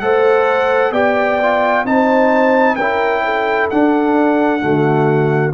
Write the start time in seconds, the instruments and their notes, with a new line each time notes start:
0.00 tuba A3, trombone A4, horn C5, trumpet F#5
0.91 tuba B3, trombone G4, horn D5, trumpet G5
1.42 trombone F4
1.85 tuba C4, trombone D#4, horn C5, trumpet A5
2.75 tuba C#4, trombone E4, horn A#4, trumpet G5
3.25 horn A4
3.70 trombone D4, tuba D4, trumpet F#5
4.60 tuba D3, trombone A3, horn F#4